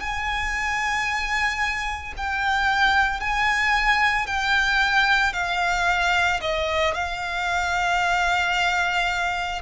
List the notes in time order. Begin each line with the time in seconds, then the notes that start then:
0.00 G#5
2.18 G5
3.21 G#5
4.27 G5
5.33 F5
6.41 D#5
6.94 F5